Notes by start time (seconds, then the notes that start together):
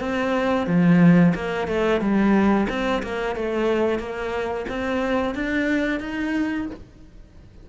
0.00 C4
0.67 F3
1.35 A#3
1.68 A3
2.01 G3
2.69 C4
3.03 A#3
3.36 A3
3.99 A#3
4.69 C4
5.35 D4
6.00 D#4